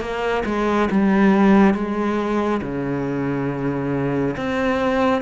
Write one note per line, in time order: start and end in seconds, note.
0.00 0.43 A#3
0.45 0.89 G#3
0.91 1.74 G3
1.74 2.61 G#3
2.62 4.36 C#3
4.37 5.22 C4